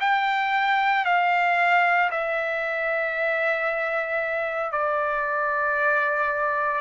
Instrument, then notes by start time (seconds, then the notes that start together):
trumpet
0.00 G5
1.05 F5
2.11 E5
4.71 D5